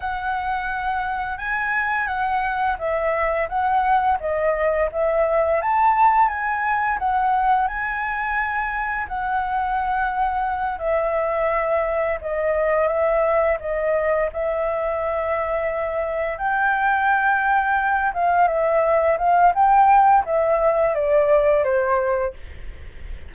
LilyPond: \new Staff \with { instrumentName = "flute" } { \time 4/4 \tempo 4 = 86 fis''2 gis''4 fis''4 | e''4 fis''4 dis''4 e''4 | a''4 gis''4 fis''4 gis''4~ | gis''4 fis''2~ fis''8 e''8~ |
e''4. dis''4 e''4 dis''8~ | dis''8 e''2. g''8~ | g''2 f''8 e''4 f''8 | g''4 e''4 d''4 c''4 | }